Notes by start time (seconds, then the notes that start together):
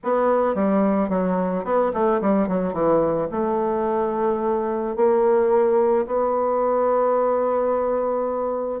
0.03 B3
0.55 G3
1.09 F#3
1.64 B3
1.93 A3
2.21 G3
2.48 F#3
2.73 E3
3.31 A3
4.96 A#3
6.06 B3